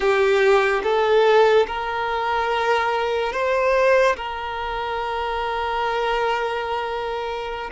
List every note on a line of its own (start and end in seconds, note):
0.00 0.81 G4
0.83 1.66 A4
1.67 3.32 A#4
3.32 4.16 C5
4.16 7.70 A#4